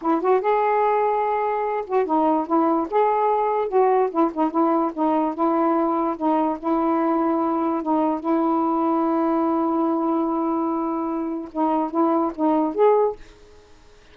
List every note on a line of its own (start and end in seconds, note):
0.01 0.21 E4
0.21 0.40 F#4
0.40 1.84 G#4
1.86 2.05 F#4
2.05 2.46 D#4
2.46 2.87 E4
2.90 3.68 G#4
3.68 4.09 F#4
4.10 4.31 E4
4.33 4.50 D#4
4.50 4.91 E4
4.93 5.34 D#4
5.34 6.16 E4
6.16 6.58 D#4
6.59 7.82 E4
7.82 8.20 D#4
8.20 11.48 E4
11.52 11.91 D#4
11.91 12.32 E4
12.35 12.74 D#4
12.74 13.15 G#4